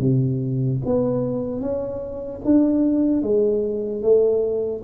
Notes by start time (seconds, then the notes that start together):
0.00 C3
0.86 B3
1.61 C#4
2.45 D4
3.23 G#3
4.03 A3